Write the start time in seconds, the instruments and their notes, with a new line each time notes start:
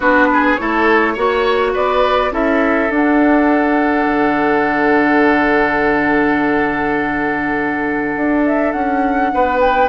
0.00 bassoon B3, clarinet D4, oboe F#4, flute B4
0.33 oboe G#4
0.56 bassoon A3, clarinet E4, oboe A4, flute C#5
1.13 bassoon A#3, clarinet F#4, oboe C#5
1.73 bassoon B3, oboe B4, flute D5
2.31 bassoon C#4, clarinet E4, oboe A4, flute E5
2.89 bassoon D4, clarinet D4, flute F#5
4.06 bassoon D3
8.15 bassoon D4
8.45 flute E5
8.72 bassoon C#4, flute F#5
9.33 bassoon B3, oboe B4
9.60 flute G5